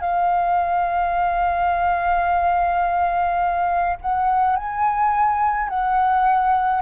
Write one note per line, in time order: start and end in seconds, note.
0.00 3.96 F5
4.01 4.56 F#5
4.56 5.69 G#5
5.69 6.81 F#5